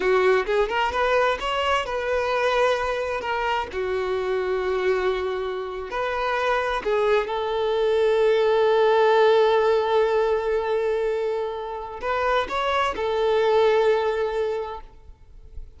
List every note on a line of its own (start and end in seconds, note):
0.00 0.45 F#4
0.46 0.69 G#4
0.69 0.92 A#4
0.92 1.38 B4
1.40 1.85 C#5
1.85 3.21 B4
3.21 3.67 A#4
3.72 5.90 F#4
5.90 6.82 B4
6.83 7.27 G#4
7.27 12.00 A4
12.01 12.47 B4
12.48 12.95 C#5
12.96 14.80 A4